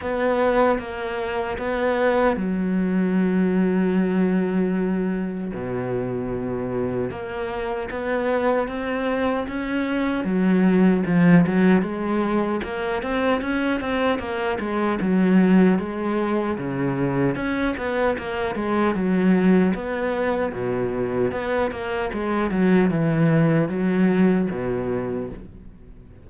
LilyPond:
\new Staff \with { instrumentName = "cello" } { \time 4/4 \tempo 4 = 76 b4 ais4 b4 fis4~ | fis2. b,4~ | b,4 ais4 b4 c'4 | cis'4 fis4 f8 fis8 gis4 |
ais8 c'8 cis'8 c'8 ais8 gis8 fis4 | gis4 cis4 cis'8 b8 ais8 gis8 | fis4 b4 b,4 b8 ais8 | gis8 fis8 e4 fis4 b,4 | }